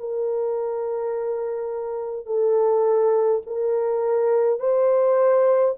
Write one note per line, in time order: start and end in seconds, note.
0.00 2.27 A#4
2.27 3.42 A4
3.47 4.60 A#4
4.60 5.75 C5